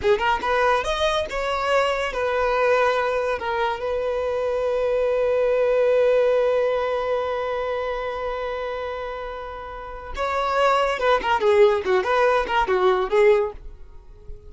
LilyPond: \new Staff \with { instrumentName = "violin" } { \time 4/4 \tempo 4 = 142 gis'8 ais'8 b'4 dis''4 cis''4~ | cis''4 b'2. | ais'4 b'2.~ | b'1~ |
b'1~ | b'1 | cis''2 b'8 ais'8 gis'4 | fis'8 b'4 ais'8 fis'4 gis'4 | }